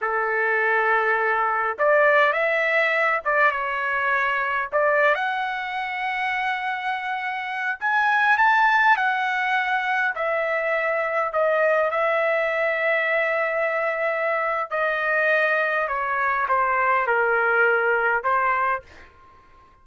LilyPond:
\new Staff \with { instrumentName = "trumpet" } { \time 4/4 \tempo 4 = 102 a'2. d''4 | e''4. d''8 cis''2 | d''8. fis''2.~ fis''16~ | fis''4~ fis''16 gis''4 a''4 fis''8.~ |
fis''4~ fis''16 e''2 dis''8.~ | dis''16 e''2.~ e''8.~ | e''4 dis''2 cis''4 | c''4 ais'2 c''4 | }